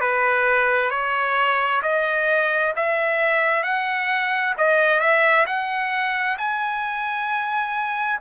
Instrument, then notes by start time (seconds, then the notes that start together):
trumpet
0.00 B4
0.90 C#5
1.82 D#5
2.76 E5
3.63 F#5
4.57 D#5
5.00 E5
5.46 F#5
6.38 G#5